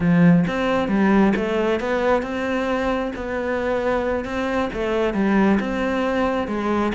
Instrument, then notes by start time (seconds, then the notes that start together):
cello
0.00 F3
0.47 C4
0.88 G3
1.36 A3
1.80 B3
2.22 C4
3.15 B3
4.24 C4
4.73 A3
5.14 G3
5.59 C4
6.47 G#3